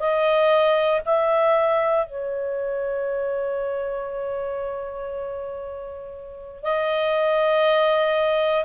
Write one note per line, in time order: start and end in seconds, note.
0.00 1.02 D#5
1.05 2.07 E5
2.07 6.63 C#5
6.63 8.65 D#5